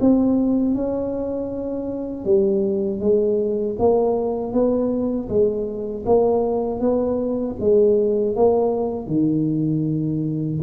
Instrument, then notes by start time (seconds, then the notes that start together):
tuba
0.00 C4
0.75 C#4
2.25 G3
3.00 G#3
3.78 A#3
4.52 B3
5.28 G#3
6.05 A#3
6.80 B3
7.59 G#3
8.35 A#3
9.07 D#3